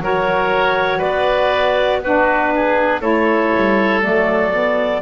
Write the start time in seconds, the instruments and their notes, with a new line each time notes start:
0.00 double bass F#3, saxophone F#4, oboe A#4, clarinet C#5
0.98 double bass B3, oboe B4, clarinet D5
2.01 saxophone D4, oboe F#4, clarinet B4
2.55 oboe G#4
3.01 double bass A3, saxophone E4, oboe A4, clarinet C#5
3.56 double bass G3
4.01 double bass F#3, saxophone A3, clarinet D5
4.51 saxophone B3